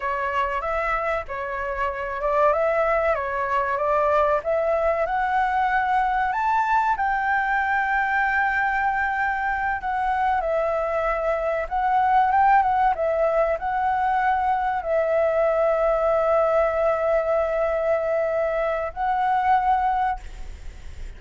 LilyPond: \new Staff \with { instrumentName = "flute" } { \time 4/4 \tempo 4 = 95 cis''4 e''4 cis''4. d''8 | e''4 cis''4 d''4 e''4 | fis''2 a''4 g''4~ | g''2.~ g''8 fis''8~ |
fis''8 e''2 fis''4 g''8 | fis''8 e''4 fis''2 e''8~ | e''1~ | e''2 fis''2 | }